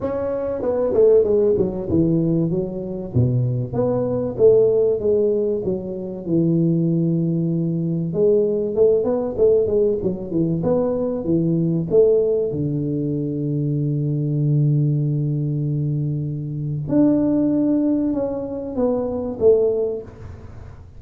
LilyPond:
\new Staff \with { instrumentName = "tuba" } { \time 4/4 \tempo 4 = 96 cis'4 b8 a8 gis8 fis8 e4 | fis4 b,4 b4 a4 | gis4 fis4 e2~ | e4 gis4 a8 b8 a8 gis8 |
fis8 e8 b4 e4 a4 | d1~ | d2. d'4~ | d'4 cis'4 b4 a4 | }